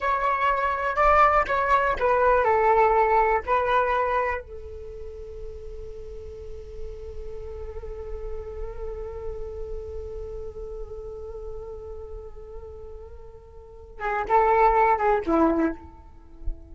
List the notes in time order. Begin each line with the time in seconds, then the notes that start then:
0.00 C#5
0.96 D5
1.47 C#5
1.99 B4
2.44 A4
3.46 B4
4.41 A4
14.00 G#4
14.28 A4
14.98 G#4
15.26 E4